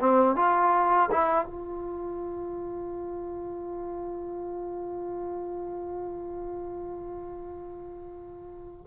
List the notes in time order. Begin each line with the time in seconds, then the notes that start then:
0.00 C4
0.36 F4
1.12 E4
1.45 F4